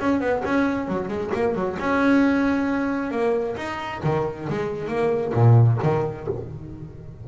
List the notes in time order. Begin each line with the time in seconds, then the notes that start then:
0.00 C#4
0.21 B3
0.45 C#4
0.88 F#3
1.09 G#3
1.34 A#3
1.55 F#3
1.80 C#4
3.12 A#3
3.57 D#4
4.04 D#3
4.50 G#3
4.88 A#3
5.34 A#2
5.83 D#3